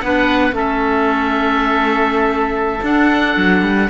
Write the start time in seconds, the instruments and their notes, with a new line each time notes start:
0.00 cello B3, clarinet D4, oboe B4 F#5
0.52 cello A3, clarinet C#4, oboe A4 E5
2.82 cello D4, clarinet D4, oboe F#5
3.36 cello F#3
3.61 cello G3